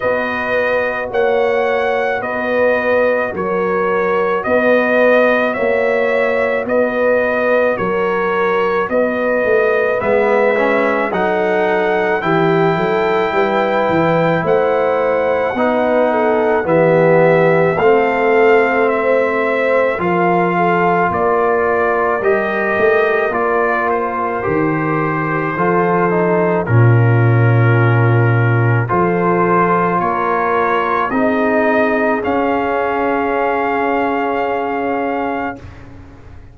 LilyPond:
<<
  \new Staff \with { instrumentName = "trumpet" } { \time 4/4 \tempo 4 = 54 dis''4 fis''4 dis''4 cis''4 | dis''4 e''4 dis''4 cis''4 | dis''4 e''4 fis''4 g''4~ | g''4 fis''2 e''4 |
f''4 e''4 f''4 d''4 | dis''4 d''8 c''2~ c''8 | ais'2 c''4 cis''4 | dis''4 f''2. | }
  \new Staff \with { instrumentName = "horn" } { \time 4/4 b'4 cis''4 b'4 ais'4 | b'4 cis''4 b'4 ais'4 | b'2 a'4 g'8 a'8 | b'4 c''4 b'8 a'8 g'4 |
a'4 c''4 ais'8 a'8 ais'4~ | ais'2. a'4 | f'2 a'4 ais'4 | gis'1 | }
  \new Staff \with { instrumentName = "trombone" } { \time 4/4 fis'1~ | fis'1~ | fis'4 b8 cis'8 dis'4 e'4~ | e'2 dis'4 b4 |
c'2 f'2 | g'4 f'4 g'4 f'8 dis'8 | cis'2 f'2 | dis'4 cis'2. | }
  \new Staff \with { instrumentName = "tuba" } { \time 4/4 b4 ais4 b4 fis4 | b4 ais4 b4 fis4 | b8 a8 gis4 fis4 e8 fis8 | g8 e8 a4 b4 e4 |
a2 f4 ais4 | g8 a8 ais4 dis4 f4 | ais,2 f4 ais4 | c'4 cis'2. | }
>>